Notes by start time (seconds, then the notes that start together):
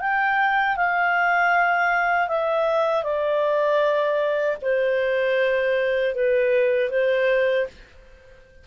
0.00 G5
0.77 F5
2.28 E5
3.03 D5
4.62 C5
6.15 B4
6.90 C5